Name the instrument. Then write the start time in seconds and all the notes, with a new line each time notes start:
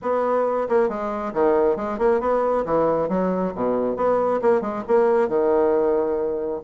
bassoon
0.01 B3
0.69 A#3
0.88 G#3
1.33 D#3
1.76 G#3
1.98 A#3
2.20 B3
2.65 E3
3.09 F#3
3.55 B2
3.96 B3
4.41 A#3
4.61 G#3
4.87 A#3
5.28 D#3